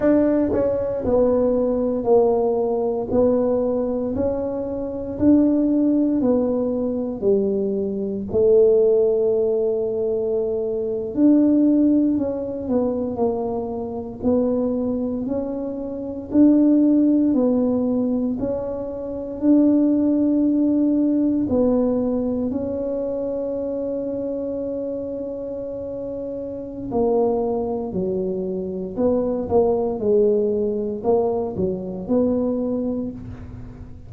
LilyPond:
\new Staff \with { instrumentName = "tuba" } { \time 4/4 \tempo 4 = 58 d'8 cis'8 b4 ais4 b4 | cis'4 d'4 b4 g4 | a2~ a8. d'4 cis'16~ | cis'16 b8 ais4 b4 cis'4 d'16~ |
d'8. b4 cis'4 d'4~ d'16~ | d'8. b4 cis'2~ cis'16~ | cis'2 ais4 fis4 | b8 ais8 gis4 ais8 fis8 b4 | }